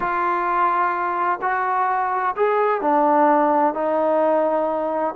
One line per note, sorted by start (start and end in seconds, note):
0.00 1.39 F4
1.41 2.35 F#4
2.36 2.81 G#4
2.81 3.74 D4
3.74 5.14 D#4